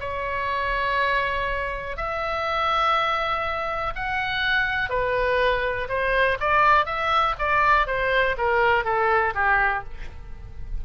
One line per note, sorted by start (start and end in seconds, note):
0.00 1.97 C#5
1.97 3.94 E5
3.95 4.89 F#5
4.89 5.88 B4
5.89 6.38 C5
6.40 6.86 D5
6.86 7.35 E5
7.39 7.87 D5
7.87 8.36 C5
8.38 8.84 A#4
8.84 9.34 A4
9.35 9.84 G4